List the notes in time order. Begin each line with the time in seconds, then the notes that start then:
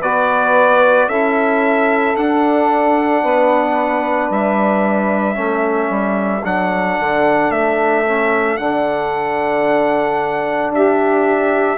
0.00 B3 F#4 B4 D5
1.08 C#4 E4 A4 E5
2.17 D4 F#5
3.23 B3 B4
4.30 G3 E5
5.34 A3 C#4 A4
5.90 G3
6.45 F#3 D4 F#5
7.00 D3
7.51 A3 E5
8.06 C#4
8.57 D3 D4 F#5
10.71 D4 G4 E5